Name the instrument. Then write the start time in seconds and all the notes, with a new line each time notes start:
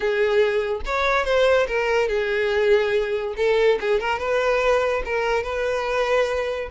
violin
0.00 G#4
0.85 C#5
1.25 C5
1.67 A#4
2.08 G#4
3.36 A4
3.80 G#4
4.00 A#4
4.18 B4
5.05 A#4
5.43 B4